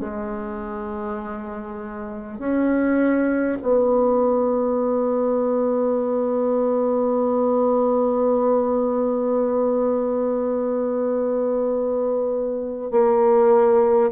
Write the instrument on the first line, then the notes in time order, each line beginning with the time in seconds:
bassoon
0.00 G#3
2.38 C#4
3.62 B3
12.91 A#3